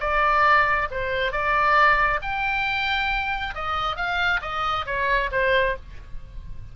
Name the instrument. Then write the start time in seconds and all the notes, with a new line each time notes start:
oboe
0.00 D5
0.91 C5
1.32 D5
2.22 G5
3.55 D#5
3.96 F5
4.42 D#5
4.86 C#5
5.32 C5